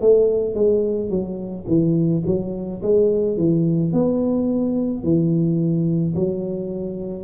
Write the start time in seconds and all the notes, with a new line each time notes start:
0.00 A3
0.55 G#3
1.10 F#3
1.67 E3
2.26 F#3
2.82 G#3
3.37 E3
3.92 B3
5.03 E3
6.15 F#3